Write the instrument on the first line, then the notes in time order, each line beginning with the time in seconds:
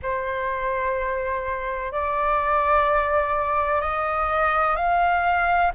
flute
0.02 C5
1.92 D5
3.81 D#5
4.76 F5